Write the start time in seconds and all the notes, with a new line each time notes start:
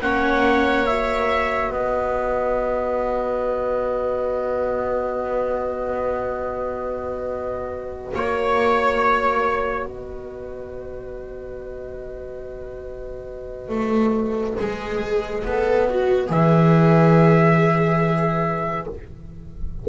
0.00 A#3 C#4 C#5 F#5
0.86 F#4 E5
1.69 B3 B4 D#5
8.14 A#3 C#5
9.85 B3 B4 D#5
13.68 A3
14.57 G#3 G#4
15.44 B3 A4
15.89 F#4
16.27 E3 G#4 E5